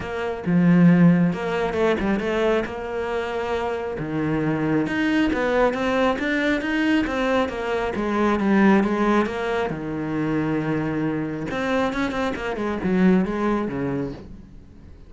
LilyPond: \new Staff \with { instrumentName = "cello" } { \time 4/4 \tempo 4 = 136 ais4 f2 ais4 | a8 g8 a4 ais2~ | ais4 dis2 dis'4 | b4 c'4 d'4 dis'4 |
c'4 ais4 gis4 g4 | gis4 ais4 dis2~ | dis2 c'4 cis'8 c'8 | ais8 gis8 fis4 gis4 cis4 | }